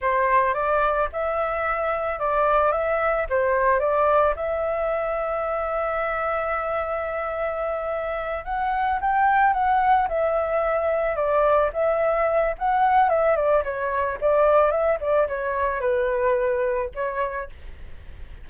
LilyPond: \new Staff \with { instrumentName = "flute" } { \time 4/4 \tempo 4 = 110 c''4 d''4 e''2 | d''4 e''4 c''4 d''4 | e''1~ | e''2.~ e''8 fis''8~ |
fis''8 g''4 fis''4 e''4.~ | e''8 d''4 e''4. fis''4 | e''8 d''8 cis''4 d''4 e''8 d''8 | cis''4 b'2 cis''4 | }